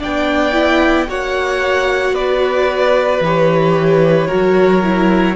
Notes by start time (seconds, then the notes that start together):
0.00 B3 D4 D5 G5
0.52 E4
1.07 A#3 F#4 C#5 F#5
2.12 B3 B4 D5
3.21 E3 G4 C#5
4.28 F#3 F#4 A#4
4.83 E4